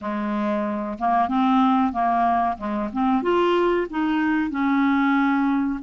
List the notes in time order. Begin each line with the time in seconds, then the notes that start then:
0.01 G#3
0.98 A#3
1.28 C4
1.92 A#3
2.57 G#3
2.92 C4
3.22 F4
3.90 D#4
4.50 C#4